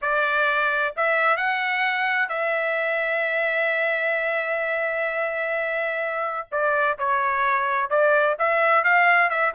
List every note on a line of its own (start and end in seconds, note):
0.01 0.94 D5
0.96 1.37 E5
1.37 2.29 F#5
2.29 6.47 E5
6.51 6.98 D5
6.98 7.90 C#5
7.90 8.36 D5
8.38 8.84 E5
8.84 9.30 F5
9.30 9.53 E5